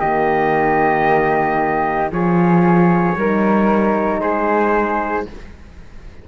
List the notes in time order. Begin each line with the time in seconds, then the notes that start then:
0.00 D#3 A#3 G4 D#5
2.11 F3 F4 G#4 C#5
3.16 G3 D#4 A#4
4.21 G#3 G#4 C5